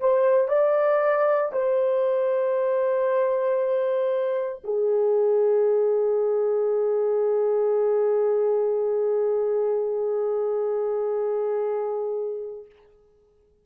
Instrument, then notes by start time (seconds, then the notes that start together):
horn
0.00 C5
0.48 D5
1.52 C5
4.64 G#4